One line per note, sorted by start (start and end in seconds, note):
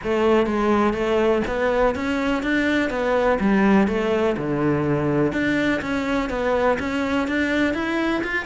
0.03 0.46 A3
0.46 0.93 G#3
0.93 1.41 A3
1.47 1.95 B3
1.95 2.43 C#4
2.43 2.90 D4
2.90 3.38 B3
3.39 3.87 G3
3.87 4.36 A3
4.37 5.32 D3
5.32 5.81 D4
5.81 6.29 C#4
6.29 6.77 B3
6.79 7.27 C#4
7.27 7.74 D4
7.74 8.22 E4
8.23 8.45 F4